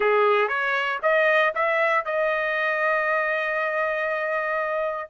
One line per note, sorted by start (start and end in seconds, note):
0.00 0.48 G#4
0.48 0.99 C#5
1.02 1.53 D#5
1.55 2.05 E5
2.05 5.10 D#5